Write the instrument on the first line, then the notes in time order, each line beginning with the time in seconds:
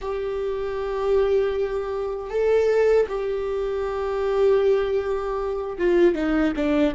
viola
0.01 G4
2.30 A4
3.08 G4
5.77 F4
6.14 D#4
6.56 D4